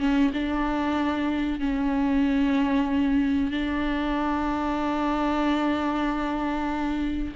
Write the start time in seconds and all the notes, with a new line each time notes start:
0.00 C#4
0.34 D4
1.60 C#4
3.52 D4